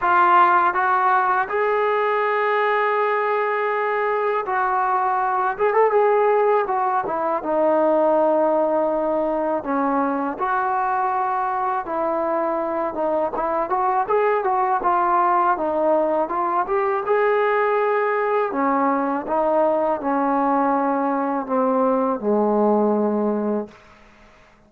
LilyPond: \new Staff \with { instrumentName = "trombone" } { \time 4/4 \tempo 4 = 81 f'4 fis'4 gis'2~ | gis'2 fis'4. gis'16 a'16 | gis'4 fis'8 e'8 dis'2~ | dis'4 cis'4 fis'2 |
e'4. dis'8 e'8 fis'8 gis'8 fis'8 | f'4 dis'4 f'8 g'8 gis'4~ | gis'4 cis'4 dis'4 cis'4~ | cis'4 c'4 gis2 | }